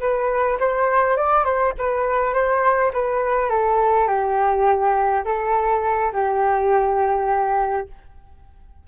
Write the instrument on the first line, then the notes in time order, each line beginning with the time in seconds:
flute
0.00 B4
0.60 C5
1.17 D5
1.44 C5
1.78 B4
2.34 C5
2.93 B4
3.50 A4
4.08 G4
5.25 A4
6.13 G4